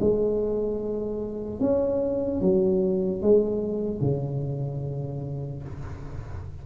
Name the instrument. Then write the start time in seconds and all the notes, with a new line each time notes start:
tuba
0.00 G#3
1.60 C#4
2.41 F#3
3.21 G#3
4.01 C#3